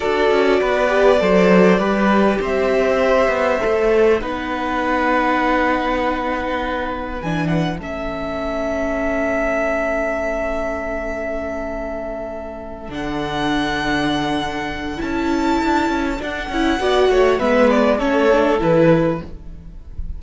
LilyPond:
<<
  \new Staff \with { instrumentName = "violin" } { \time 4/4 \tempo 4 = 100 d''1 | e''2. fis''4~ | fis''1 | gis''8 fis''8 e''2.~ |
e''1~ | e''4. fis''2~ fis''8~ | fis''4 a''2 fis''4~ | fis''4 e''8 d''8 cis''4 b'4 | }
  \new Staff \with { instrumentName = "violin" } { \time 4/4 a'4 b'4 c''4 b'4 | c''2. b'4~ | b'1~ | b'4 a'2.~ |
a'1~ | a'1~ | a'1 | d''8 cis''8 b'4 a'2 | }
  \new Staff \with { instrumentName = "viola" } { \time 4/4 fis'4. g'8 a'4 g'4~ | g'2 a'4 dis'4~ | dis'1 | d'4 cis'2.~ |
cis'1~ | cis'4. d'2~ d'8~ | d'4 e'2 d'8 e'8 | fis'4 b4 cis'8 d'8 e'4 | }
  \new Staff \with { instrumentName = "cello" } { \time 4/4 d'8 cis'8 b4 fis4 g4 | c'4. b8 a4 b4~ | b1 | e4 a2.~ |
a1~ | a4. d2~ d8~ | d4 cis'4 d'8 cis'8 d'8 cis'8 | b8 a8 gis4 a4 e4 | }
>>